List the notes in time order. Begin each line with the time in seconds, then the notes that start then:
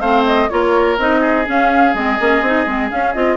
0.00 A3 C4 C5 F5
0.25 D#5
0.50 A#3 F4 A#4 C#5
0.98 C4 D#4 D#5
1.20 G#4
1.46 C#4 F5
1.94 G#3 C4 D#5
2.20 A#3 C#4
2.41 C4 D#4
2.66 G#3 C4
2.89 C#4 F5
3.14 C4 F4 D#5